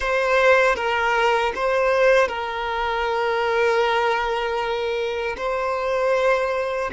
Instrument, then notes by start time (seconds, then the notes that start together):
violin
0.00 C5
0.75 A#4
1.55 C5
2.28 A#4
5.37 C5